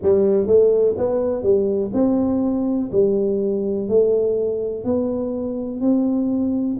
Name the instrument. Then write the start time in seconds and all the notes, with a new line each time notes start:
tuba
0.02 G3
0.47 A3
0.97 B3
1.43 G3
1.94 C4
2.91 G3
3.88 A3
4.84 B3
5.81 C4